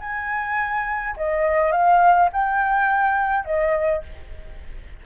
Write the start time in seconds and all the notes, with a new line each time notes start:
0.00 G#5
1.16 D#5
1.72 F5
2.33 G5
3.45 D#5